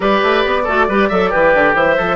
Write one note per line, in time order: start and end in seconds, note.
0.00 0.20 G3
0.00 0.64 G4
0.00 0.62 B4
0.00 1.76 D5
0.22 0.44 A3
0.45 0.67 B3
0.63 0.88 A3
0.63 0.89 F#4
0.63 0.85 A4
0.88 1.10 G3
0.88 1.11 G4
0.88 1.08 B4
1.08 1.32 F#3
1.08 1.31 A4
1.08 1.29 E5
1.29 1.54 E3
1.29 1.95 G4
1.29 1.74 B4
1.54 1.74 D3
1.74 1.96 E3
1.74 2.16 C5
1.74 2.16 E5
1.97 2.16 F3
1.97 2.16 A4